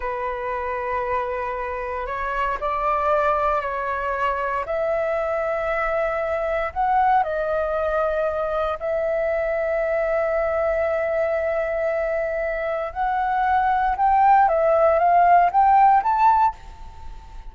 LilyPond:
\new Staff \with { instrumentName = "flute" } { \time 4/4 \tempo 4 = 116 b'1 | cis''4 d''2 cis''4~ | cis''4 e''2.~ | e''4 fis''4 dis''2~ |
dis''4 e''2.~ | e''1~ | e''4 fis''2 g''4 | e''4 f''4 g''4 a''4 | }